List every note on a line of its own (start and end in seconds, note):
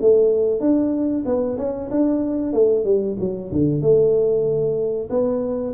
0.00 0.60 A3
0.60 1.24 D4
1.25 1.57 B3
1.57 1.89 C#4
1.90 2.53 D4
2.53 2.84 A3
2.84 3.16 G3
3.19 3.51 F#3
3.51 3.81 D3
3.81 5.09 A3
5.09 5.73 B3